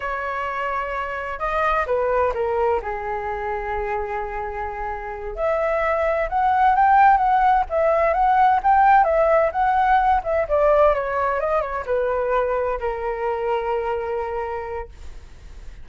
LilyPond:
\new Staff \with { instrumentName = "flute" } { \time 4/4 \tempo 4 = 129 cis''2. dis''4 | b'4 ais'4 gis'2~ | gis'2.~ gis'8 e''8~ | e''4. fis''4 g''4 fis''8~ |
fis''8 e''4 fis''4 g''4 e''8~ | e''8 fis''4. e''8 d''4 cis''8~ | cis''8 dis''8 cis''8 b'2 ais'8~ | ais'1 | }